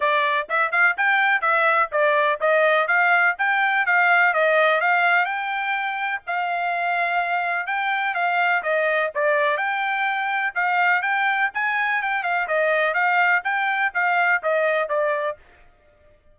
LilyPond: \new Staff \with { instrumentName = "trumpet" } { \time 4/4 \tempo 4 = 125 d''4 e''8 f''8 g''4 e''4 | d''4 dis''4 f''4 g''4 | f''4 dis''4 f''4 g''4~ | g''4 f''2. |
g''4 f''4 dis''4 d''4 | g''2 f''4 g''4 | gis''4 g''8 f''8 dis''4 f''4 | g''4 f''4 dis''4 d''4 | }